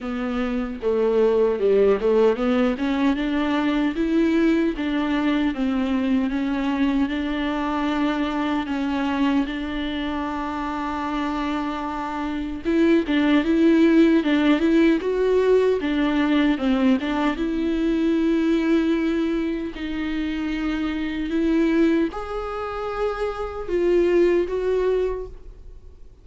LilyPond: \new Staff \with { instrumentName = "viola" } { \time 4/4 \tempo 4 = 76 b4 a4 g8 a8 b8 cis'8 | d'4 e'4 d'4 c'4 | cis'4 d'2 cis'4 | d'1 |
e'8 d'8 e'4 d'8 e'8 fis'4 | d'4 c'8 d'8 e'2~ | e'4 dis'2 e'4 | gis'2 f'4 fis'4 | }